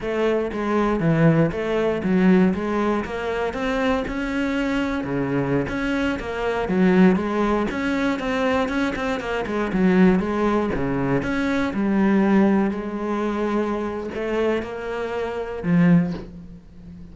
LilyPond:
\new Staff \with { instrumentName = "cello" } { \time 4/4 \tempo 4 = 119 a4 gis4 e4 a4 | fis4 gis4 ais4 c'4 | cis'2 cis4~ cis16 cis'8.~ | cis'16 ais4 fis4 gis4 cis'8.~ |
cis'16 c'4 cis'8 c'8 ais8 gis8 fis8.~ | fis16 gis4 cis4 cis'4 g8.~ | g4~ g16 gis2~ gis8. | a4 ais2 f4 | }